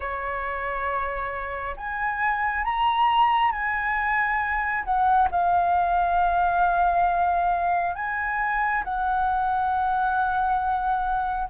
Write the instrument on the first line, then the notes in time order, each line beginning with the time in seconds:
flute
0.00 C#5
1.76 G#5
2.64 A#5
3.51 G#5
4.84 F#5
5.31 F5
7.95 G#5
8.84 F#5